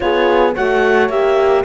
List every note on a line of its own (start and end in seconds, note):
0.00 0.56 B3
0.00 0.53 F4
0.00 0.54 G#4
0.00 0.54 C#5
0.54 1.09 A3
0.54 1.10 F#4
0.54 1.64 C#5
0.54 1.09 F#5
1.09 1.64 A#3
1.09 1.64 G4
1.09 1.64 E5